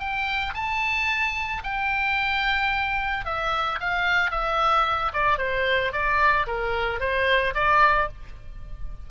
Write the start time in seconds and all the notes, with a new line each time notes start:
0.00 G5
0.55 A5
1.64 G5
3.26 E5
3.81 F5
4.31 E5
5.14 D5
5.39 C5
5.93 D5
6.47 A#4
7.00 C5
7.55 D5